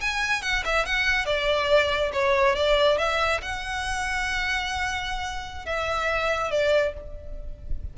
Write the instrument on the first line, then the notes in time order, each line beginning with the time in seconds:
violin
0.00 G#5
0.42 F#5
0.65 E5
0.85 F#5
1.26 D5
2.13 C#5
2.55 D5
2.98 E5
3.42 F#5
5.65 E5
6.51 D5